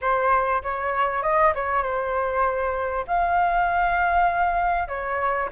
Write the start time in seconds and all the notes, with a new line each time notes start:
0.01 C5
0.63 C#5
1.22 D#5
1.54 C#5
1.83 C5
3.07 F5
4.88 C#5